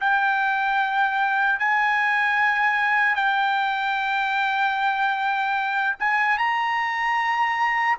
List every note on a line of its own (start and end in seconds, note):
0.00 1.59 G5
1.59 3.15 G#5
3.15 5.95 G5
5.99 6.38 G#5
6.38 7.98 A#5